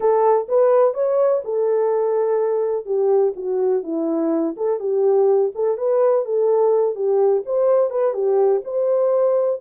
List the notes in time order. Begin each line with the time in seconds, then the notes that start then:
0.00 A4
0.48 B4
0.94 C#5
1.44 A4
2.85 G4
3.36 F#4
3.83 E4
4.56 A4
4.79 G4
5.54 A4
5.77 B4
6.25 A4
6.95 G4
7.45 C5
7.90 B4
8.13 G4
8.64 C5